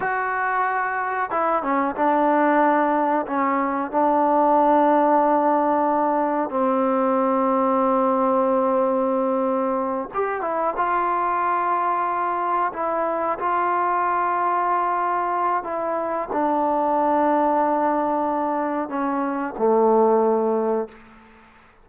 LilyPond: \new Staff \with { instrumentName = "trombone" } { \time 4/4 \tempo 4 = 92 fis'2 e'8 cis'8 d'4~ | d'4 cis'4 d'2~ | d'2 c'2~ | c'2.~ c'8 g'8 |
e'8 f'2. e'8~ | e'8 f'2.~ f'8 | e'4 d'2.~ | d'4 cis'4 a2 | }